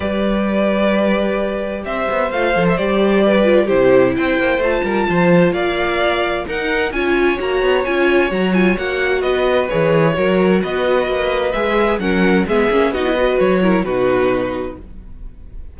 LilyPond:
<<
  \new Staff \with { instrumentName = "violin" } { \time 4/4 \tempo 4 = 130 d''1 | e''4 f''8. e''16 d''2 | c''4 g''4 a''2 | f''2 fis''4 gis''4 |
ais''4 gis''4 ais''8 gis''8 fis''4 | dis''4 cis''2 dis''4~ | dis''4 e''4 fis''4 e''4 | dis''4 cis''4 b'2 | }
  \new Staff \with { instrumentName = "violin" } { \time 4/4 b'1 | c''2. b'4 | g'4 c''4. ais'8 c''4 | d''2 ais'4 cis''4~ |
cis''1 | b'2 ais'4 b'4~ | b'2 ais'4 gis'4 | fis'8 b'4 ais'8 fis'2 | }
  \new Staff \with { instrumentName = "viola" } { \time 4/4 g'1~ | g'4 f'8 a'8 g'4. f'8 | e'2 f'2~ | f'2 dis'4 f'4 |
fis'4 f'4 fis'8 f'8 fis'4~ | fis'4 gis'4 fis'2~ | fis'4 gis'4 cis'4 b8 cis'8 | dis'16 e'16 fis'4 e'8 dis'2 | }
  \new Staff \with { instrumentName = "cello" } { \time 4/4 g1 | c'8 b8 a8 f8 g2 | c4 c'8 ais8 a8 g8 f4 | ais2 dis'4 cis'4 |
ais8 b8 cis'4 fis4 ais4 | b4 e4 fis4 b4 | ais4 gis4 fis4 gis8 ais8 | b4 fis4 b,2 | }
>>